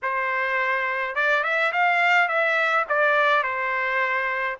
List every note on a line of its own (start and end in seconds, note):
0.02 1.15 C5
1.15 1.43 D5
1.43 1.72 E5
1.72 2.28 F5
2.28 2.85 E5
2.88 3.43 D5
3.43 4.57 C5